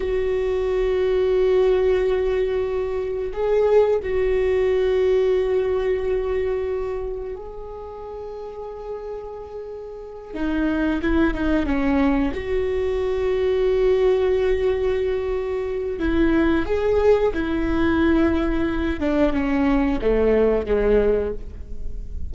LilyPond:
\new Staff \with { instrumentName = "viola" } { \time 4/4 \tempo 4 = 90 fis'1~ | fis'4 gis'4 fis'2~ | fis'2. gis'4~ | gis'2.~ gis'8 dis'8~ |
dis'8 e'8 dis'8 cis'4 fis'4.~ | fis'1 | e'4 gis'4 e'2~ | e'8 d'8 cis'4 a4 gis4 | }